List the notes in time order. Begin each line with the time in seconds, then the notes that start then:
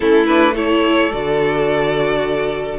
0.00 A3 C#4 E4 A4
0.26 D4 B4
0.53 E4 A4 C#5
1.12 D3 F#4 D5